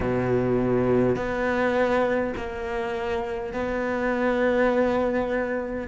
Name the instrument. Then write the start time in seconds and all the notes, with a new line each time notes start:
cello
0.00 B2
1.16 B3
2.36 A#3
3.53 B3